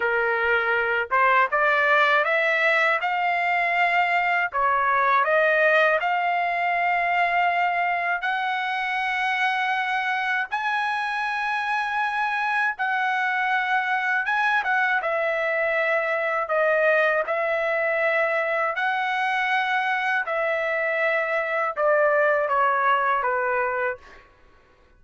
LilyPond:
\new Staff \with { instrumentName = "trumpet" } { \time 4/4 \tempo 4 = 80 ais'4. c''8 d''4 e''4 | f''2 cis''4 dis''4 | f''2. fis''4~ | fis''2 gis''2~ |
gis''4 fis''2 gis''8 fis''8 | e''2 dis''4 e''4~ | e''4 fis''2 e''4~ | e''4 d''4 cis''4 b'4 | }